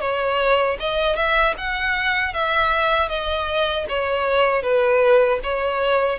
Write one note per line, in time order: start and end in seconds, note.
0.00 0.77 C#5
0.79 1.15 D#5
1.15 1.54 E5
1.57 2.33 F#5
2.33 3.08 E5
3.08 3.85 D#5
3.88 4.62 C#5
4.62 5.39 B4
5.43 6.19 C#5